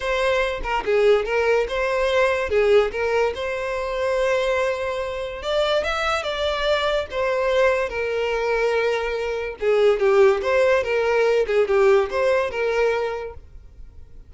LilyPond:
\new Staff \with { instrumentName = "violin" } { \time 4/4 \tempo 4 = 144 c''4. ais'8 gis'4 ais'4 | c''2 gis'4 ais'4 | c''1~ | c''4 d''4 e''4 d''4~ |
d''4 c''2 ais'4~ | ais'2. gis'4 | g'4 c''4 ais'4. gis'8 | g'4 c''4 ais'2 | }